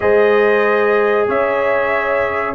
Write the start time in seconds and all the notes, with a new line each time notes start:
0.00 G#3 G#4 C5 D#5
1.27 C#4 C#5 E5